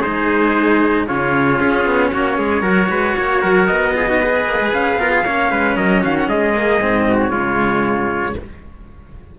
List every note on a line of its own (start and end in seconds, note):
0.00 1.09 G#3
0.00 1.07 D#4
0.00 1.04 G#4
0.00 1.06 C5
1.07 1.60 C#3
1.07 2.62 C#4
1.07 2.11 F4
1.07 1.59 C#5
1.59 1.85 C#4
1.59 2.12 G#4
1.85 2.11 B3
2.11 2.38 A#3
2.11 2.37 F#4
2.11 3.66 C#5
2.37 2.62 G#3
2.37 2.62 G#4
2.62 2.88 F#3
2.62 3.92 F#4
2.62 2.88 A#4
2.89 3.15 G#3
2.89 3.16 B4
3.17 3.43 A#3
3.17 3.41 C#5
3.41 3.69 F#3
3.41 3.93 A#4
3.66 4.46 B3
3.66 4.71 D#5
3.93 4.06 F4
3.93 4.08 G#4
4.08 4.21 D#4
4.08 4.21 F#4
4.22 4.99 G#4
4.22 4.99 B4
4.46 4.59 A#3
4.59 4.72 G#3
4.73 4.97 C#4
4.73 5.77 F5
4.97 5.23 B3
4.97 5.25 F4
4.97 5.10 A#4
5.10 5.23 G#4
5.24 5.51 A#3
5.24 6.54 C#4
5.24 5.51 C#5
5.51 5.77 G#3
5.51 5.76 B4
5.76 6.03 F#3
5.76 6.00 A#4
5.76 6.03 D#5
6.00 6.28 D#3
6.00 6.27 F#4
6.00 6.17 F5
6.18 6.29 F#5
6.28 6.80 G#3
6.28 7.07 G#4
6.28 7.20 D#5
6.54 6.80 A#3
6.80 7.31 G#2
6.80 7.30 C4
7.09 7.31 F#4
7.21 8.39 C#5
7.30 8.35 C#3
7.30 8.34 G#3
7.30 8.35 F4